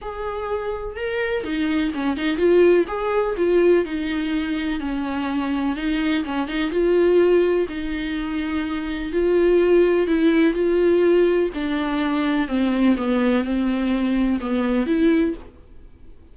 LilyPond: \new Staff \with { instrumentName = "viola" } { \time 4/4 \tempo 4 = 125 gis'2 ais'4 dis'4 | cis'8 dis'8 f'4 gis'4 f'4 | dis'2 cis'2 | dis'4 cis'8 dis'8 f'2 |
dis'2. f'4~ | f'4 e'4 f'2 | d'2 c'4 b4 | c'2 b4 e'4 | }